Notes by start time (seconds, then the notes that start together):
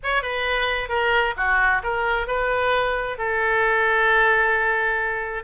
0.03 C#5
0.22 B4
0.89 A#4
1.36 F#4
1.83 A#4
2.27 B4
3.17 A4